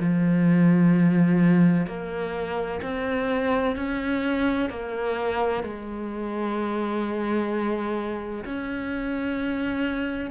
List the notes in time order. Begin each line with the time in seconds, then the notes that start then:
0.00 F3
1.87 A#3
2.83 C4
3.76 C#4
4.70 A#3
5.63 G#3
8.45 C#4